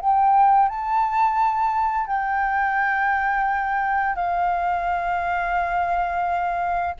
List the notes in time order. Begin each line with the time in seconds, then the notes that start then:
0.00 G5
0.68 A5
2.07 G5
4.15 F5